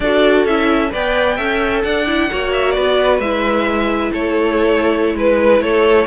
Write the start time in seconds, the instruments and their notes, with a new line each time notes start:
0.00 cello D4, viola F#4, violin A4 D5
0.44 cello C#4, viola E4, violin E5
0.89 cello B3, viola B4, violin D5 G5
1.36 cello C#4, viola A4, violin E5
1.82 cello D4, violin D5 F#5
2.06 viola E4
2.29 cello A#3, viola F#4, violin C#5
2.52 violin E5
2.71 cello B3, violin B4 D5
3.19 cello G#3, viola E4, violin E5
4.11 cello A3, violin A4 C#5
5.14 cello G#3, violin B4
5.60 cello A3, violin A4 C#5